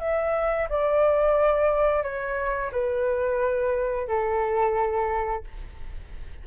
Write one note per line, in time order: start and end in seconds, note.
0.00 0.68 E5
0.69 2.03 D5
2.03 2.71 C#5
2.72 4.08 B4
4.08 5.44 A4